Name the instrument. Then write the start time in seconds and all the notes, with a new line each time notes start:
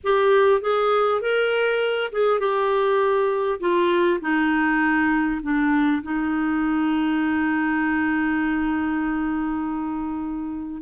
clarinet
0.03 G4
0.61 G#4
1.21 A#4
2.12 G#4
2.39 G4
3.59 F4
4.21 D#4
5.42 D4
6.02 D#4